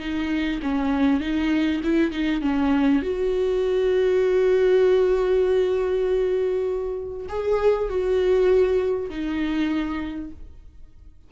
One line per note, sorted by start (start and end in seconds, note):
0.00 0.61 D#4
0.63 1.21 C#4
1.21 1.82 D#4
1.84 2.12 E4
2.12 2.42 D#4
2.42 3.03 C#4
3.03 7.27 F#4
7.29 7.90 G#4
7.90 9.10 F#4
9.10 10.31 D#4